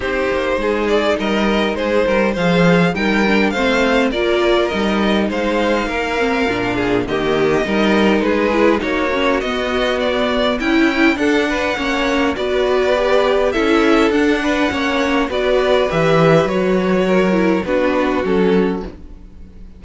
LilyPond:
<<
  \new Staff \with { instrumentName = "violin" } { \time 4/4 \tempo 4 = 102 c''4. d''8 dis''4 c''4 | f''4 g''4 f''4 d''4 | dis''4 f''2. | dis''2 b'4 cis''4 |
dis''4 d''4 g''4 fis''4~ | fis''4 d''2 e''4 | fis''2 d''4 e''4 | cis''2 b'4 a'4 | }
  \new Staff \with { instrumentName = "violin" } { \time 4/4 g'4 gis'4 ais'4 gis'8 ais'8 | c''4 ais'4 c''4 ais'4~ | ais'4 c''4 ais'4. gis'8 | g'4 ais'4 gis'4 fis'4~ |
fis'2 e'4 a'8 b'8 | cis''4 b'2 a'4~ | a'8 b'8 cis''4 b'2~ | b'4 ais'4 fis'2 | }
  \new Staff \with { instrumentName = "viola" } { \time 4/4 dis'1 | gis'4 dis'8 d'8 c'4 f'4 | dis'2~ dis'8 c'8 d'4 | ais4 dis'4. e'8 dis'8 cis'8 |
b2 e'4 d'4 | cis'4 fis'4 g'4 e'4 | d'4 cis'4 fis'4 g'4 | fis'4. e'8 d'4 cis'4 | }
  \new Staff \with { instrumentName = "cello" } { \time 4/4 c'8 ais8 gis4 g4 gis8 g8 | f4 g4 a4 ais4 | g4 gis4 ais4 ais,4 | dis4 g4 gis4 ais4 |
b2 cis'4 d'4 | ais4 b2 cis'4 | d'4 ais4 b4 e4 | fis2 b4 fis4 | }
>>